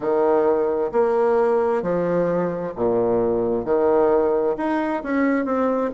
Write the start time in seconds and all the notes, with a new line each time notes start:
0.00 D#3
0.91 A#3
1.82 F3
2.76 A#2
3.64 D#3
4.57 D#4
5.02 C#4
5.45 C4